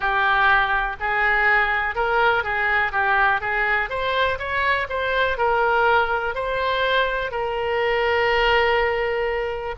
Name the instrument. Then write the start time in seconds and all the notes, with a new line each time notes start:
oboe
0.00 G4
1.00 G#4
1.95 A#4
2.43 G#4
2.91 G4
3.41 G#4
3.89 C5
4.38 C#5
4.89 C5
5.37 A#4
6.34 C5
7.31 A#4